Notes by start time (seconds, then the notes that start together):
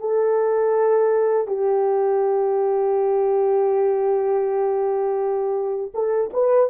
0.00 A4
1.48 G4
5.94 A4
6.34 B4